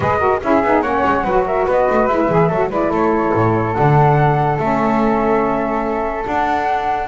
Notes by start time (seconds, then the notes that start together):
0.00 G#3 G#4 B4 D#5
0.18 F#4 A#4
0.42 C#4 E4 G#4 E5
0.63 B3 D#4
0.81 A#3 C#4 C#5 F#5
1.05 G#3
1.23 F#3 F#4 B4
1.45 A#4 E5
1.66 B3 B4 D#5
1.90 A3
2.06 G#3 E4 E5
2.28 E3 G#4
2.48 F#3 A4
2.55 F#4
2.69 G#3 E4 B4 D5
2.90 A3 A4 C#5
3.34 A2
3.73 D3 D4 F#5
4.57 A3 C#4 E5
6.24 D4 F#5